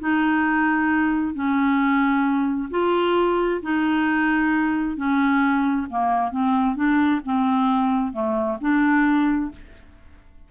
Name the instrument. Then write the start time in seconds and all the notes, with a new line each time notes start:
clarinet
0.00 D#4
1.35 C#4
2.71 F4
3.63 D#4
4.97 C#4
5.90 A#3
6.32 C4
6.76 D4
7.25 C4
8.13 A3
8.61 D4